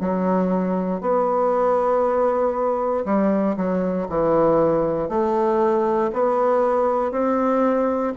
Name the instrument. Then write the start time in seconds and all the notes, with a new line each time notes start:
bassoon
0.00 F#3
1.01 B3
3.06 G3
3.57 F#3
4.10 E3
5.09 A3
6.13 B3
7.11 C4